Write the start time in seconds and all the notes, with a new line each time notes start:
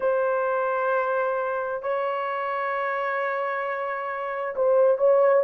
0.00 C5
1.82 C#5
4.55 C5
4.98 C#5